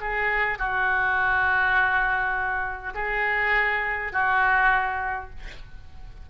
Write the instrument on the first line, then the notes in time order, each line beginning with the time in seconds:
oboe
0.00 G#4
0.58 F#4
2.94 G#4
4.12 F#4